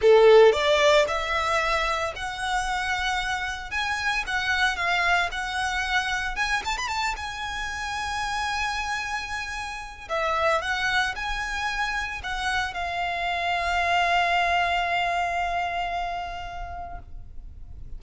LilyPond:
\new Staff \with { instrumentName = "violin" } { \time 4/4 \tempo 4 = 113 a'4 d''4 e''2 | fis''2. gis''4 | fis''4 f''4 fis''2 | gis''8 a''16 b''16 a''8 gis''2~ gis''8~ |
gis''2. e''4 | fis''4 gis''2 fis''4 | f''1~ | f''1 | }